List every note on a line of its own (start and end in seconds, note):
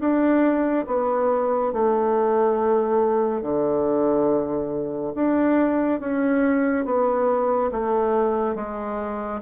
0.00 0.86 D4
0.87 1.73 B3
1.73 3.42 A3
3.42 5.14 D3
5.15 6.00 D4
6.00 6.85 C#4
6.85 7.71 B3
7.72 8.55 A3
8.55 9.41 G#3